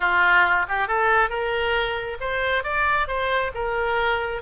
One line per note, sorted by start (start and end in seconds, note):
0.00 0.66 F4
0.68 0.87 G4
0.87 1.29 A4
1.29 2.17 A#4
2.20 2.63 C5
2.63 3.07 D5
3.07 3.51 C5
3.54 4.42 A#4